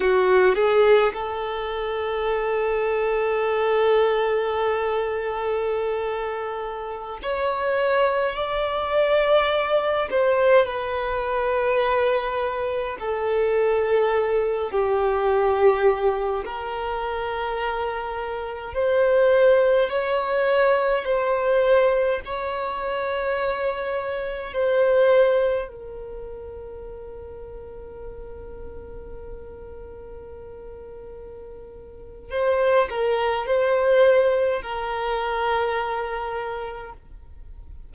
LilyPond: \new Staff \with { instrumentName = "violin" } { \time 4/4 \tempo 4 = 52 fis'8 gis'8 a'2.~ | a'2~ a'16 cis''4 d''8.~ | d''8. c''8 b'2 a'8.~ | a'8. g'4. ais'4.~ ais'16~ |
ais'16 c''4 cis''4 c''4 cis''8.~ | cis''4~ cis''16 c''4 ais'4.~ ais'16~ | ais'1 | c''8 ais'8 c''4 ais'2 | }